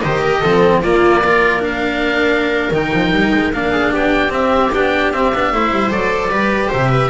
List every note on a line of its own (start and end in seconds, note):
0.00 0.44 D#3
0.00 0.44 G4
0.00 0.22 C5
0.00 0.80 D#5
0.22 0.39 A#4
0.39 0.82 F3
0.39 0.84 C4
0.39 0.79 A4
0.82 2.71 A#3
0.82 1.24 A#3
0.82 1.23 F4
0.82 1.63 D5
1.23 1.60 F4
1.23 3.72 A#4
1.60 2.70 D4
1.60 2.73 F5
2.71 2.91 D#3
2.71 3.53 D#4
2.71 3.53 G5
2.93 3.12 F3
3.12 3.32 G3
3.34 3.54 G#3
3.53 3.93 A#3
3.53 4.29 D4
3.53 3.93 F5
3.72 3.92 G#4
3.92 4.32 B3
3.92 5.52 G4
3.92 4.33 G5
4.29 4.69 C4
4.29 4.72 C4
4.29 4.73 E5
4.73 5.12 B3
4.73 5.14 D4
4.73 5.12 G5
5.12 5.32 C4
5.12 5.34 C4
5.12 5.91 E5
5.33 5.53 B3
5.33 5.54 D4
5.53 5.71 A3
5.53 5.90 E4
5.53 6.31 C5
5.71 5.91 G3
5.90 6.28 F#3
5.90 6.30 A4
5.90 6.71 D5
6.28 6.68 G3
6.28 7.10 G4
6.28 6.69 B4
6.69 7.10 C3
6.69 6.89 C5
6.69 7.10 E5
6.89 7.09 B4